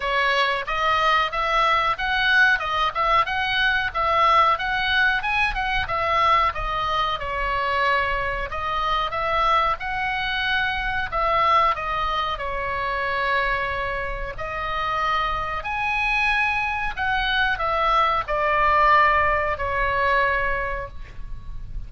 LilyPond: \new Staff \with { instrumentName = "oboe" } { \time 4/4 \tempo 4 = 92 cis''4 dis''4 e''4 fis''4 | dis''8 e''8 fis''4 e''4 fis''4 | gis''8 fis''8 e''4 dis''4 cis''4~ | cis''4 dis''4 e''4 fis''4~ |
fis''4 e''4 dis''4 cis''4~ | cis''2 dis''2 | gis''2 fis''4 e''4 | d''2 cis''2 | }